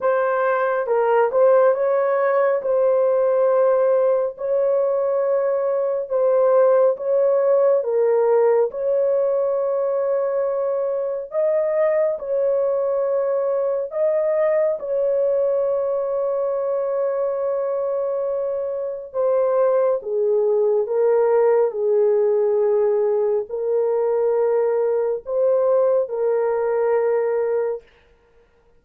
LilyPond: \new Staff \with { instrumentName = "horn" } { \time 4/4 \tempo 4 = 69 c''4 ais'8 c''8 cis''4 c''4~ | c''4 cis''2 c''4 | cis''4 ais'4 cis''2~ | cis''4 dis''4 cis''2 |
dis''4 cis''2.~ | cis''2 c''4 gis'4 | ais'4 gis'2 ais'4~ | ais'4 c''4 ais'2 | }